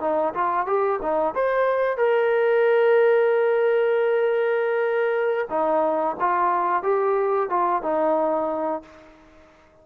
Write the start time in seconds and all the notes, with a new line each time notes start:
0.00 D#4
0.33 F4
0.66 G4
1.02 D#4
1.35 C5
1.97 A#4
5.49 D#4
6.19 F4
6.82 G4
7.49 F4
7.82 D#4